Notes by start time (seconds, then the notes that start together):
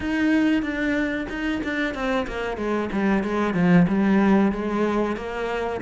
0.00 D#4
0.62 D4
1.29 D#4
1.63 D4
1.94 C4
2.27 A#3
2.57 G#3
2.92 G3
3.23 G#3
3.54 F3
3.87 G3
4.52 G#3
5.16 A#3